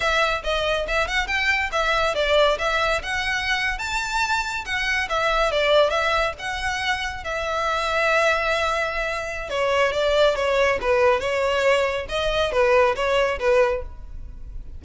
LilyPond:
\new Staff \with { instrumentName = "violin" } { \time 4/4 \tempo 4 = 139 e''4 dis''4 e''8 fis''8 g''4 | e''4 d''4 e''4 fis''4~ | fis''8. a''2 fis''4 e''16~ | e''8. d''4 e''4 fis''4~ fis''16~ |
fis''8. e''2.~ e''16~ | e''2 cis''4 d''4 | cis''4 b'4 cis''2 | dis''4 b'4 cis''4 b'4 | }